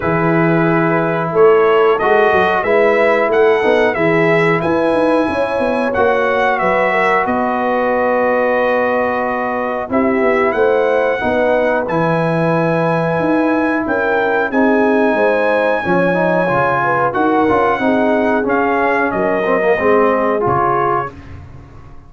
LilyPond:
<<
  \new Staff \with { instrumentName = "trumpet" } { \time 4/4 \tempo 4 = 91 b'2 cis''4 dis''4 | e''4 fis''4 e''4 gis''4~ | gis''4 fis''4 e''4 dis''4~ | dis''2. e''4 |
fis''2 gis''2~ | gis''4 g''4 gis''2~ | gis''2 fis''2 | f''4 dis''2 cis''4 | }
  \new Staff \with { instrumentName = "horn" } { \time 4/4 gis'2 a'2 | b'4 a'4 gis'4 b'4 | cis''2 b'8 ais'8 b'4~ | b'2. g'4 |
c''4 b'2.~ | b'4 ais'4 gis'4 c''4 | cis''4. b'8 ais'4 gis'4~ | gis'4 ais'4 gis'2 | }
  \new Staff \with { instrumentName = "trombone" } { \time 4/4 e'2. fis'4 | e'4. dis'8 e'2~ | e'4 fis'2.~ | fis'2. e'4~ |
e'4 dis'4 e'2~ | e'2 dis'2 | cis'8 dis'8 f'4 fis'8 f'8 dis'4 | cis'4. c'16 ais16 c'4 f'4 | }
  \new Staff \with { instrumentName = "tuba" } { \time 4/4 e2 a4 gis8 fis8 | gis4 a8 b8 e4 e'8 dis'8 | cis'8 b8 ais4 fis4 b4~ | b2. c'8 b8 |
a4 b4 e2 | dis'4 cis'4 c'4 gis4 | f4 cis4 dis'8 cis'8 c'4 | cis'4 fis4 gis4 cis4 | }
>>